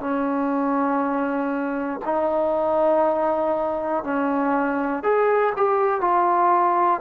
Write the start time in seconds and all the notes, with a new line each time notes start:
0.00 C#4
2.05 D#4
4.03 C#4
5.03 G#4
5.56 G4
6.01 F4